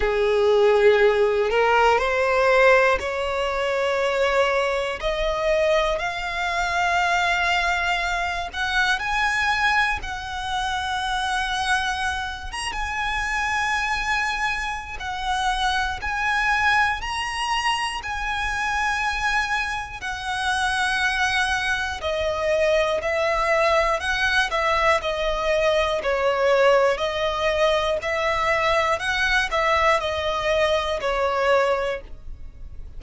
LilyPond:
\new Staff \with { instrumentName = "violin" } { \time 4/4 \tempo 4 = 60 gis'4. ais'8 c''4 cis''4~ | cis''4 dis''4 f''2~ | f''8 fis''8 gis''4 fis''2~ | fis''8 ais''16 gis''2~ gis''16 fis''4 |
gis''4 ais''4 gis''2 | fis''2 dis''4 e''4 | fis''8 e''8 dis''4 cis''4 dis''4 | e''4 fis''8 e''8 dis''4 cis''4 | }